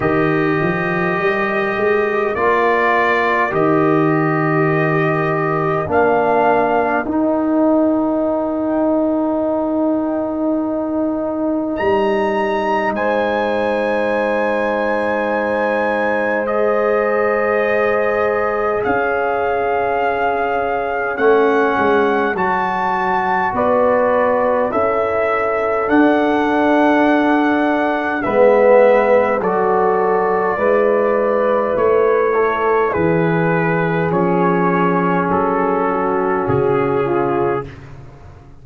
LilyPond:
<<
  \new Staff \with { instrumentName = "trumpet" } { \time 4/4 \tempo 4 = 51 dis''2 d''4 dis''4~ | dis''4 f''4 g''2~ | g''2 ais''4 gis''4~ | gis''2 dis''2 |
f''2 fis''4 a''4 | d''4 e''4 fis''2 | e''4 d''2 cis''4 | b'4 cis''4 a'4 gis'4 | }
  \new Staff \with { instrumentName = "horn" } { \time 4/4 ais'1~ | ais'1~ | ais'2. c''4~ | c''1 |
cis''1 | b'4 a'2. | b'4 a'4 b'4. a'8 | gis'2~ gis'8 fis'4 f'8 | }
  \new Staff \with { instrumentName = "trombone" } { \time 4/4 g'2 f'4 g'4~ | g'4 d'4 dis'2~ | dis'1~ | dis'2 gis'2~ |
gis'2 cis'4 fis'4~ | fis'4 e'4 d'2 | b4 fis'4 e'2~ | e'4 cis'2. | }
  \new Staff \with { instrumentName = "tuba" } { \time 4/4 dis8 f8 g8 gis8 ais4 dis4~ | dis4 ais4 dis'2~ | dis'2 g4 gis4~ | gis1 |
cis'2 a8 gis8 fis4 | b4 cis'4 d'2 | gis4 fis4 gis4 a4 | e4 f4 fis4 cis4 | }
>>